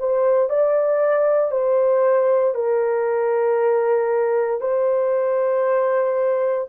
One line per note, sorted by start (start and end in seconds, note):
0.00 0.50 C5
0.50 1.52 D5
1.52 2.55 C5
2.55 4.61 A#4
4.61 6.68 C5